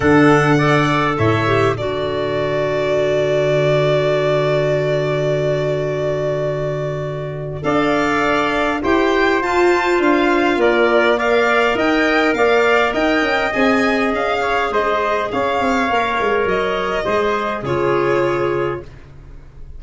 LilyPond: <<
  \new Staff \with { instrumentName = "violin" } { \time 4/4 \tempo 4 = 102 fis''2 e''4 d''4~ | d''1~ | d''1~ | d''4 f''2 g''4 |
a''4 f''4 d''4 f''4 | g''4 f''4 g''4 gis''4 | f''4 dis''4 f''2 | dis''2 cis''2 | }
  \new Staff \with { instrumentName = "trumpet" } { \time 4/4 a'4 d''4 cis''4 a'4~ | a'1~ | a'1~ | a'4 d''2 c''4~ |
c''2 ais'4 d''4 | dis''4 d''4 dis''2~ | dis''8 cis''8 c''4 cis''2~ | cis''4 c''4 gis'2 | }
  \new Staff \with { instrumentName = "clarinet" } { \time 4/4 d'4 a'4. g'8 fis'4~ | fis'1~ | fis'1~ | fis'4 a'2 g'4 |
f'2. ais'4~ | ais'2. gis'4~ | gis'2. ais'4~ | ais'4 gis'4 f'2 | }
  \new Staff \with { instrumentName = "tuba" } { \time 4/4 d2 a,4 d4~ | d1~ | d1~ | d4 d'2 e'4 |
f'4 d'4 ais2 | dis'4 ais4 dis'8 cis'8 c'4 | cis'4 gis4 cis'8 c'8 ais8 gis8 | fis4 gis4 cis2 | }
>>